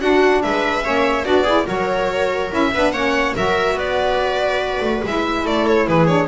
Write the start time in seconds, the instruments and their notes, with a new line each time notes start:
0.00 double bass D4, saxophone D4, viola F#4, violin F#5
0.42 double bass G#3, viola B4, violin E5
0.83 double bass A#3, saxophone C#4, viola C#5
1.24 double bass B3, saxophone D4, viola F#4, violin D5
1.43 saxophone E4, viola G#4
1.67 double bass F#3, saxophone F#4, viola A#4, violin C#5
2.50 double bass C#4, saxophone E4, violin E5
2.74 double bass B3, saxophone D4, viola B4
2.92 double bass A#3, saxophone C#4, viola C#5, violin F#5
3.36 double bass F#3, saxophone F#4, viola A#4, violin E5
3.74 double bass B3, viola B4, violin D5
4.81 double bass A3
5.04 double bass G#3, saxophone E4, violin E5
5.45 double bass A3, viola A4, violin D5
5.67 violin C#5
5.88 double bass E3, viola G#4, violin B4
6.07 saxophone D4, violin C#5